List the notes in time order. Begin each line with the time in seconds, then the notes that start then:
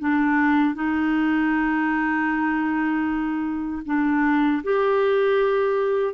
0.00 D4
0.75 D#4
3.86 D4
4.64 G4